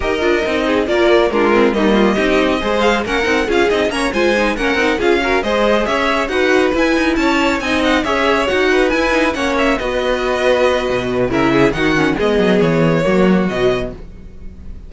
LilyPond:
<<
  \new Staff \with { instrumentName = "violin" } { \time 4/4 \tempo 4 = 138 dis''2 d''4 ais'4 | dis''2~ dis''8 f''8 fis''4 | f''8 dis''8 ais''8 gis''4 fis''4 f''8~ | f''8 dis''4 e''4 fis''4 gis''8~ |
gis''8 a''4 gis''8 fis''8 e''4 fis''8~ | fis''8 gis''4 fis''8 e''8 dis''4.~ | dis''2 e''4 fis''4 | dis''4 cis''2 dis''4 | }
  \new Staff \with { instrumentName = "violin" } { \time 4/4 ais'4. gis'8 ais'4 f'4 | dis'8 f'8 g'4 c''4 ais'4 | gis'4 cis''8 c''4 ais'4 gis'8 | ais'8 c''4 cis''4 b'4.~ |
b'8 cis''4 dis''4 cis''4. | b'4. cis''4 b'4.~ | b'2 ais'8 gis'8 fis'4 | gis'2 fis'2 | }
  \new Staff \with { instrumentName = "viola" } { \time 4/4 g'8 f'8 dis'4 f'4 d'8 c'8 | ais4 dis'4 gis'4 cis'8 dis'8 | f'8 dis'8 cis'8 f'8 dis'8 cis'8 dis'8 f'8 | fis'8 gis'2 fis'4 e'8~ |
e'4. dis'4 gis'4 fis'8~ | fis'8 e'8 dis'8 cis'4 fis'4.~ | fis'2 e'4 dis'8 cis'8 | b2 ais4 fis4 | }
  \new Staff \with { instrumentName = "cello" } { \time 4/4 dis'8 d'8 c'4 ais4 gis4 | g4 c'4 gis4 ais8 c'8 | cis'8 c'8 ais8 gis4 ais8 c'8 cis'8~ | cis'8 gis4 cis'4 dis'4 e'8 |
dis'8 cis'4 c'4 cis'4 dis'8~ | dis'8 e'4 ais4 b4.~ | b4 b,4 cis4 dis4 | gis8 fis8 e4 fis4 b,4 | }
>>